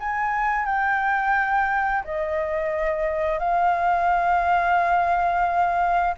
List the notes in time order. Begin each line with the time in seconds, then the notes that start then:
0.00 G#5
0.66 G5
2.04 D#5
3.39 F5